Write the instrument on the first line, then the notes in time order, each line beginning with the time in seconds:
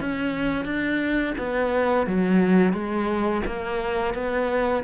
cello
0.00 C#4
0.65 D4
1.38 B3
2.07 F#3
2.73 G#3
3.46 A#3
4.14 B3